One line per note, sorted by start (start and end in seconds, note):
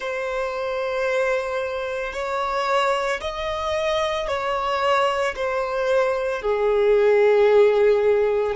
0.00 2.13 C5
2.13 3.20 C#5
3.20 4.27 D#5
4.27 5.34 C#5
5.35 6.41 C5
6.41 8.55 G#4